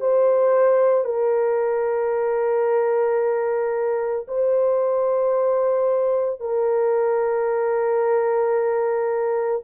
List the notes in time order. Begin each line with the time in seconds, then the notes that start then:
0.00 C5
1.05 A#4
4.28 C5
6.40 A#4